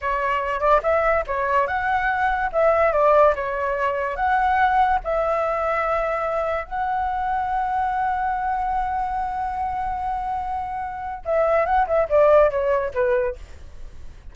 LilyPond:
\new Staff \with { instrumentName = "flute" } { \time 4/4 \tempo 4 = 144 cis''4. d''8 e''4 cis''4 | fis''2 e''4 d''4 | cis''2 fis''2 | e''1 |
fis''1~ | fis''1~ | fis''2. e''4 | fis''8 e''8 d''4 cis''4 b'4 | }